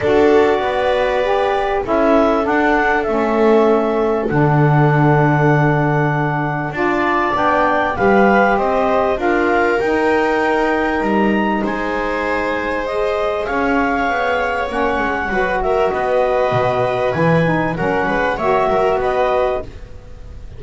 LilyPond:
<<
  \new Staff \with { instrumentName = "clarinet" } { \time 4/4 \tempo 4 = 98 d''2. e''4 | fis''4 e''2 fis''4~ | fis''2. a''4 | g''4 f''4 dis''4 f''4 |
g''2 ais''4 gis''4~ | gis''4 dis''4 f''2 | fis''4. e''8 dis''2 | gis''4 fis''4 e''4 dis''4 | }
  \new Staff \with { instrumentName = "viola" } { \time 4/4 a'4 b'2 a'4~ | a'1~ | a'2. d''4~ | d''4 b'4 c''4 ais'4~ |
ais'2. c''4~ | c''2 cis''2~ | cis''4 b'8 ais'8 b'2~ | b'4 ais'8 b'8 cis''8 ais'8 b'4 | }
  \new Staff \with { instrumentName = "saxophone" } { \time 4/4 fis'2 g'4 e'4 | d'4 cis'2 d'4~ | d'2. f'4 | d'4 g'2 f'4 |
dis'1~ | dis'4 gis'2. | cis'4 fis'2. | e'8 dis'8 cis'4 fis'2 | }
  \new Staff \with { instrumentName = "double bass" } { \time 4/4 d'4 b2 cis'4 | d'4 a2 d4~ | d2. d'4 | b4 g4 c'4 d'4 |
dis'2 g4 gis4~ | gis2 cis'4 b4 | ais8 gis8 fis4 b4 b,4 | e4 fis8 gis8 ais8 fis8 b4 | }
>>